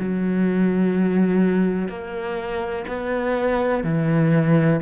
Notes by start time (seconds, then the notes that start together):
0.00 F#3
1.89 A#3
2.88 B3
3.84 E3